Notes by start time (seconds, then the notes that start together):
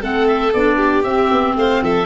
0.00 A3 C4 A4 F#5
0.27 E5
0.53 B3 D4 D5
0.77 G4
1.03 C4 E5
1.31 B3
1.56 A3 C5 F5
1.82 F3 A4 E5